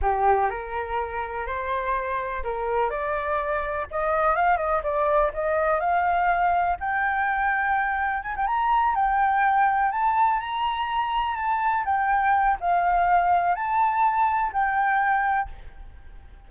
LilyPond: \new Staff \with { instrumentName = "flute" } { \time 4/4 \tempo 4 = 124 g'4 ais'2 c''4~ | c''4 ais'4 d''2 | dis''4 f''8 dis''8 d''4 dis''4 | f''2 g''2~ |
g''4 gis''16 g''16 ais''4 g''4.~ | g''8 a''4 ais''2 a''8~ | a''8 g''4. f''2 | a''2 g''2 | }